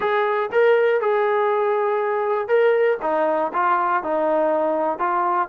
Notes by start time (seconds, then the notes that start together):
0.00 G#4
0.52 A#4
1.00 G#4
2.48 A#4
3.02 D#4
3.53 F4
4.03 D#4
4.98 F4